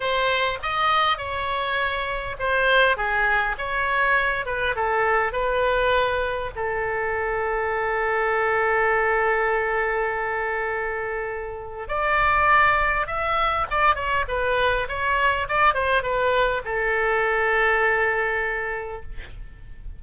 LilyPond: \new Staff \with { instrumentName = "oboe" } { \time 4/4 \tempo 4 = 101 c''4 dis''4 cis''2 | c''4 gis'4 cis''4. b'8 | a'4 b'2 a'4~ | a'1~ |
a'1 | d''2 e''4 d''8 cis''8 | b'4 cis''4 d''8 c''8 b'4 | a'1 | }